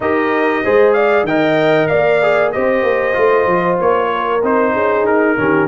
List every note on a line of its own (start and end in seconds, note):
0.00 0.63 D#4
0.00 0.64 G4
0.00 0.64 A#4
0.00 0.93 D#5
0.64 1.23 G#3
0.64 1.27 G#4
0.64 0.94 C5
0.93 1.26 D5
0.93 1.24 F5
1.23 1.86 D#3
1.23 2.21 A#4
1.23 1.89 D#5
1.23 1.87 G5
1.87 2.54 A#3
1.87 2.52 D5
1.87 2.51 F5
2.21 2.53 G#4
2.52 2.82 C4
2.52 3.13 G4
2.52 4.11 C5
2.52 3.78 D#5
2.82 3.14 A#3
3.13 3.46 A3
3.13 4.39 F4
3.46 3.77 F3
3.80 4.42 A#3
3.80 4.43 C#5
4.12 4.72 A#4
4.42 4.74 C4
4.42 5.37 D#4
4.42 5.06 C5
4.72 5.03 C#4
4.72 5.35 G#4
5.03 5.35 D#4
5.03 5.68 A#4
5.37 5.68 D#3
5.37 5.68 C#4
5.37 5.68 G4